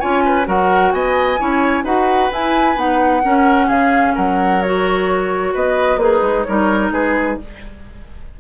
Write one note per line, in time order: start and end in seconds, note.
0.00 0.47 C#4
0.00 0.45 F4
0.00 0.23 C#5
0.00 0.46 G#5
0.25 0.47 B4
0.45 0.93 F#3
0.45 1.37 F#4
0.45 0.93 A#4
0.45 0.92 F#5
0.92 1.39 B3
0.92 1.40 D#5
0.92 1.85 G#5
1.39 1.84 C#4
1.39 1.84 E4
1.39 1.84 C#5
1.84 2.30 D#4
1.84 2.31 F#4
1.84 3.23 B4
1.84 2.31 F#5
2.32 2.77 E4
2.32 2.76 E4
2.32 2.78 G#5
2.76 3.23 B3
2.76 3.22 D#4
2.76 3.69 F#5
3.24 4.63 C#4
3.24 3.69 C#4
3.24 3.67 A#4
3.67 4.15 C#3
3.67 4.13 G#4
3.67 4.15 F5
4.15 5.55 F#3
4.15 5.53 A#4
4.15 4.62 F#5
4.62 6.00 F#4
4.62 5.55 C#5
5.54 5.97 B3
5.54 6.00 B4
5.54 5.99 D#5
5.97 6.20 A#3
5.97 6.47 D#4
5.97 6.46 G#4
5.97 6.44 B4
6.22 6.45 G#3
6.44 6.91 G3
6.44 7.40 D#4
6.44 6.93 A#4
6.44 6.90 C#5
6.91 7.37 G#3
6.91 7.39 G#4
6.91 7.39 B4